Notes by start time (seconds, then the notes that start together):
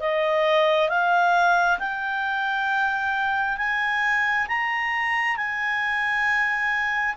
0.00 D#5
0.89 F5
1.79 G5
3.57 G#5
4.47 A#5
5.36 G#5